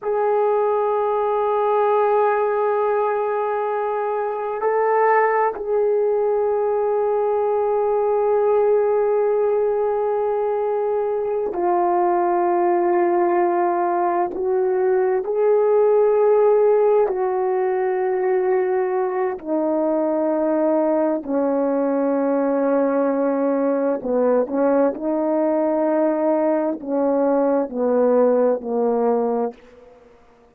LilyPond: \new Staff \with { instrumentName = "horn" } { \time 4/4 \tempo 4 = 65 gis'1~ | gis'4 a'4 gis'2~ | gis'1~ | gis'8 f'2. fis'8~ |
fis'8 gis'2 fis'4.~ | fis'4 dis'2 cis'4~ | cis'2 b8 cis'8 dis'4~ | dis'4 cis'4 b4 ais4 | }